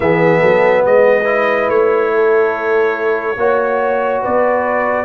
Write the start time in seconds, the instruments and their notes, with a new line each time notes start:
0.00 tuba E3, trombone B3, horn G#4, trumpet E5
0.39 tuba F#3, horn A4
0.85 tuba G#3, horn B4, trumpet D#5
1.24 trombone E4
1.68 tuba A3, trumpet C#5
2.14 horn A4
3.36 tuba A#3, trombone F#4, horn C#5
4.21 tuba B3, horn B4, trumpet D5